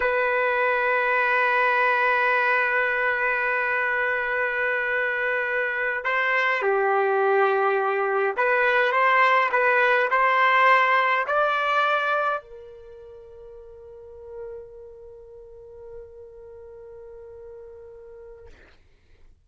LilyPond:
\new Staff \with { instrumentName = "trumpet" } { \time 4/4 \tempo 4 = 104 b'1~ | b'1~ | b'2~ b'8 c''4 g'8~ | g'2~ g'8 b'4 c''8~ |
c''8 b'4 c''2 d''8~ | d''4. ais'2~ ais'8~ | ais'1~ | ais'1 | }